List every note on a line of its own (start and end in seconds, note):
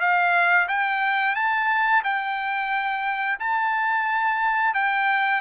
0.00 0.67 F5
0.68 1.35 G5
1.35 2.03 A5
2.04 3.39 G5
3.40 4.74 A5
4.74 5.41 G5